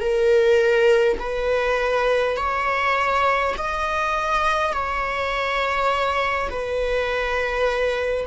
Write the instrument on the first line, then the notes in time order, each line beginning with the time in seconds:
viola
0.00 A#4
1.19 B4
2.36 C#5
3.57 D#5
4.73 C#5
6.49 B4